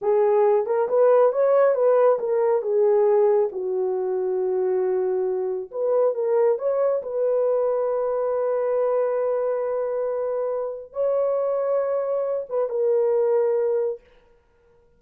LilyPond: \new Staff \with { instrumentName = "horn" } { \time 4/4 \tempo 4 = 137 gis'4. ais'8 b'4 cis''4 | b'4 ais'4 gis'2 | fis'1~ | fis'4 b'4 ais'4 cis''4 |
b'1~ | b'1~ | b'4 cis''2.~ | cis''8 b'8 ais'2. | }